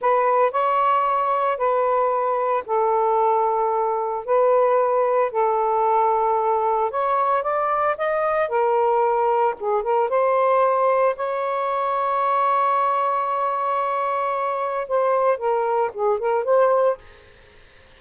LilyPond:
\new Staff \with { instrumentName = "saxophone" } { \time 4/4 \tempo 4 = 113 b'4 cis''2 b'4~ | b'4 a'2. | b'2 a'2~ | a'4 cis''4 d''4 dis''4 |
ais'2 gis'8 ais'8 c''4~ | c''4 cis''2.~ | cis''1 | c''4 ais'4 gis'8 ais'8 c''4 | }